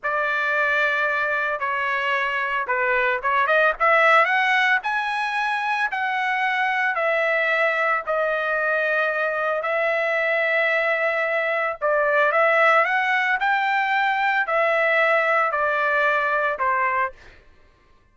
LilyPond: \new Staff \with { instrumentName = "trumpet" } { \time 4/4 \tempo 4 = 112 d''2. cis''4~ | cis''4 b'4 cis''8 dis''8 e''4 | fis''4 gis''2 fis''4~ | fis''4 e''2 dis''4~ |
dis''2 e''2~ | e''2 d''4 e''4 | fis''4 g''2 e''4~ | e''4 d''2 c''4 | }